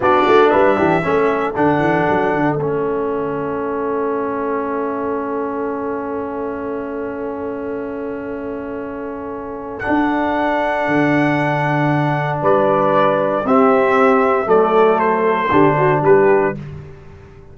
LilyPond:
<<
  \new Staff \with { instrumentName = "trumpet" } { \time 4/4 \tempo 4 = 116 d''4 e''2 fis''4~ | fis''4 e''2.~ | e''1~ | e''1~ |
e''2. fis''4~ | fis''1 | d''2 e''2 | d''4 c''2 b'4 | }
  \new Staff \with { instrumentName = "horn" } { \time 4/4 fis'4 b'8 g'8 a'2~ | a'1~ | a'1~ | a'1~ |
a'1~ | a'1 | b'2 g'2 | a'2 g'8 fis'8 g'4 | }
  \new Staff \with { instrumentName = "trombone" } { \time 4/4 d'2 cis'4 d'4~ | d'4 cis'2.~ | cis'1~ | cis'1~ |
cis'2. d'4~ | d'1~ | d'2 c'2 | a2 d'2 | }
  \new Staff \with { instrumentName = "tuba" } { \time 4/4 b8 a8 g8 e8 a4 d8 e8 | fis8 d8 a2.~ | a1~ | a1~ |
a2. d'4~ | d'4 d2. | g2 c'2 | fis2 d4 g4 | }
>>